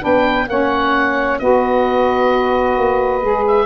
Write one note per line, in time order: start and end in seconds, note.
0.00 0.48 B3
0.00 0.46 D4
0.00 0.47 B4
0.00 0.49 G5
0.48 1.40 A#3
0.48 1.40 C#4
0.48 1.41 C#5
0.48 1.39 F#5
1.39 2.78 B3
1.39 3.22 F#4
1.39 3.66 B4
1.39 3.45 D#5
2.78 3.23 A#3
3.22 3.66 G#3
3.22 3.66 G#4
3.48 3.66 E5